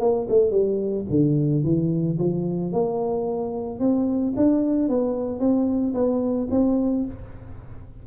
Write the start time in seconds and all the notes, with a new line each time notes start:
0.00 A#3
0.29 A3
0.51 G3
1.10 D3
1.63 E3
2.18 F3
2.72 A#3
3.80 C4
4.36 D4
4.89 B3
5.39 C4
5.94 B3
6.51 C4